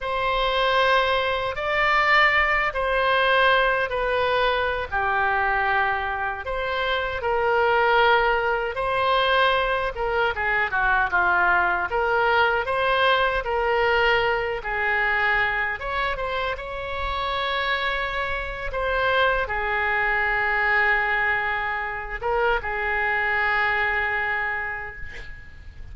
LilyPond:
\new Staff \with { instrumentName = "oboe" } { \time 4/4 \tempo 4 = 77 c''2 d''4. c''8~ | c''4 b'4~ b'16 g'4.~ g'16~ | g'16 c''4 ais'2 c''8.~ | c''8. ais'8 gis'8 fis'8 f'4 ais'8.~ |
ais'16 c''4 ais'4. gis'4~ gis'16~ | gis'16 cis''8 c''8 cis''2~ cis''8. | c''4 gis'2.~ | gis'8 ais'8 gis'2. | }